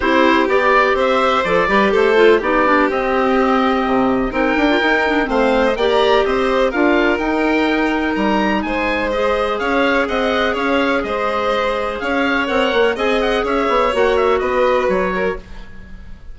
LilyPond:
<<
  \new Staff \with { instrumentName = "oboe" } { \time 4/4 \tempo 4 = 125 c''4 d''4 e''4 d''4 | c''4 d''4 dis''2~ | dis''4 g''2 f''8. dis''16 | g''16 ais''8. dis''4 f''4 g''4~ |
g''4 ais''4 gis''4 dis''4 | f''4 fis''4 f''4 dis''4~ | dis''4 f''4 fis''4 gis''8 fis''8 | e''4 fis''8 e''8 dis''4 cis''4 | }
  \new Staff \with { instrumentName = "violin" } { \time 4/4 g'2 c''4. b'8 | a'4 g'2.~ | g'4 ais'2 c''4 | d''4 c''4 ais'2~ |
ais'2 c''2 | cis''4 dis''4 cis''4 c''4~ | c''4 cis''2 dis''4 | cis''2 b'4. ais'8 | }
  \new Staff \with { instrumentName = "clarinet" } { \time 4/4 e'4 g'2 a'8 g'8~ | g'8 f'8 dis'8 d'8 c'2~ | c'4 dis'8. f'16 dis'8 d'8 c'4 | g'2 f'4 dis'4~ |
dis'2. gis'4~ | gis'1~ | gis'2 ais'4 gis'4~ | gis'4 fis'2. | }
  \new Staff \with { instrumentName = "bassoon" } { \time 4/4 c'4 b4 c'4 f8 g8 | a4 b4 c'2 | c4 c'8 d'8 dis'4 a4 | ais4 c'4 d'4 dis'4~ |
dis'4 g4 gis2 | cis'4 c'4 cis'4 gis4~ | gis4 cis'4 c'8 ais8 c'4 | cis'8 b8 ais4 b4 fis4 | }
>>